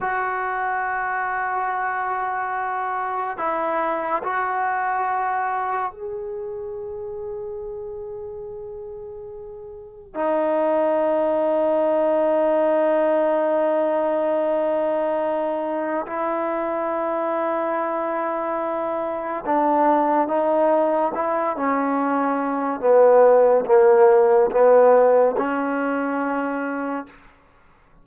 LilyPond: \new Staff \with { instrumentName = "trombone" } { \time 4/4 \tempo 4 = 71 fis'1 | e'4 fis'2 gis'4~ | gis'1 | dis'1~ |
dis'2. e'4~ | e'2. d'4 | dis'4 e'8 cis'4. b4 | ais4 b4 cis'2 | }